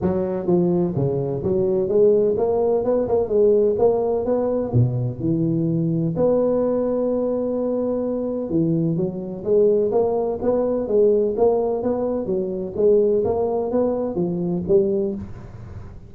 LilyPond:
\new Staff \with { instrumentName = "tuba" } { \time 4/4 \tempo 4 = 127 fis4 f4 cis4 fis4 | gis4 ais4 b8 ais8 gis4 | ais4 b4 b,4 e4~ | e4 b2.~ |
b2 e4 fis4 | gis4 ais4 b4 gis4 | ais4 b4 fis4 gis4 | ais4 b4 f4 g4 | }